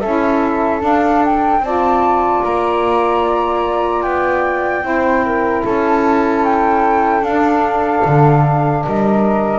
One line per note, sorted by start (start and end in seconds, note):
0.00 0.81 C#4
0.00 0.79 E4
0.00 1.61 A4
0.00 0.80 E5
0.79 1.59 D4
0.79 1.24 F5
1.24 1.64 G5
1.59 2.39 C4
1.59 4.81 F4
1.59 4.84 D5
1.59 2.43 A5
2.43 4.03 A#3
2.43 4.02 A#5
4.02 4.83 B3
4.02 5.62 G5
4.81 5.62 C4
4.81 7.21 E4
4.81 5.24 C5
5.25 5.64 A#4
5.64 7.21 C#4
5.64 8.84 A4
5.64 6.44 A5
6.44 7.24 G5
7.21 8.01 D4
7.21 9.59 D4
7.21 8.84 F5
8.04 8.85 D3
8.84 9.59 G3
8.84 9.59 A#4
8.84 9.59 D#5